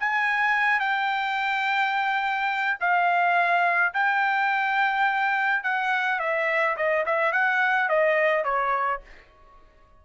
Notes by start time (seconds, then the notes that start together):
0.00 G#5
0.80 G5
2.80 F5
3.94 G5
5.63 F#5
6.20 E5
6.77 D#5
7.06 E5
7.33 F#5
7.89 D#5
8.45 C#5